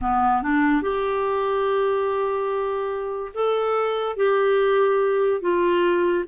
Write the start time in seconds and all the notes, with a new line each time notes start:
0.01 B3
0.42 D4
0.82 G4
3.34 A4
4.16 G4
5.41 F4